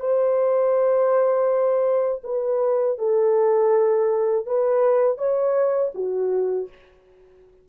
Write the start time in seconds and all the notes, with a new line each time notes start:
0.00 C5
2.24 B4
2.99 A4
4.46 B4
5.18 C#5
5.95 F#4